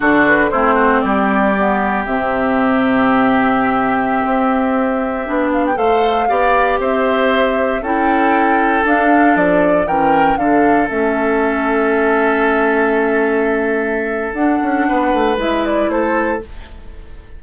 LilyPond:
<<
  \new Staff \with { instrumentName = "flute" } { \time 4/4 \tempo 4 = 117 a'8 b'8 c''4 d''2 | e''1~ | e''2~ e''8. f''16 g''16 f''8.~ | f''4~ f''16 e''2 g''8.~ |
g''4~ g''16 f''4 d''4 g''8.~ | g''16 f''4 e''2~ e''8.~ | e''1 | fis''2 e''8 d''8 c''4 | }
  \new Staff \with { instrumentName = "oboe" } { \time 4/4 fis'4 e'8 fis'8 g'2~ | g'1~ | g'2.~ g'16 c''8.~ | c''16 d''4 c''2 a'8.~ |
a'2.~ a'16 ais'8.~ | ais'16 a'2.~ a'8.~ | a'1~ | a'4 b'2 a'4 | }
  \new Staff \with { instrumentName = "clarinet" } { \time 4/4 d'4 c'2 b4 | c'1~ | c'2~ c'16 d'4 a'8.~ | a'16 g'2. e'8.~ |
e'4~ e'16 d'2 cis'8.~ | cis'16 d'4 cis'2~ cis'8.~ | cis'1 | d'2 e'2 | }
  \new Staff \with { instrumentName = "bassoon" } { \time 4/4 d4 a4 g2 | c1~ | c16 c'2 b4 a8.~ | a16 b4 c'2 cis'8.~ |
cis'4~ cis'16 d'4 f4 e8.~ | e16 d4 a2~ a8.~ | a1 | d'8 cis'8 b8 a8 gis4 a4 | }
>>